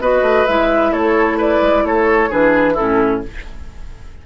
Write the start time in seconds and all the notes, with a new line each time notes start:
0.00 B3 F#4 B4 D#5
0.22 A3
0.46 G#3 E4 E5
0.92 A3 A4 C#5
1.37 B4 D5
1.61 G#3
1.83 A3 A4 C#5
2.30 E3 D4 G#4 B4
2.74 C#4 E4 A4
2.80 A2